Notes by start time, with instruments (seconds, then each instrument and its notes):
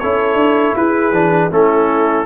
0.00 tuba C#4, trombone E4, horn A4, trumpet C#5
0.35 tuba D4
0.76 tuba E4, horn G#4, trumpet B4
1.11 tuba E3, trombone D4
1.51 tuba A3, trombone C#4, horn E4, trumpet A4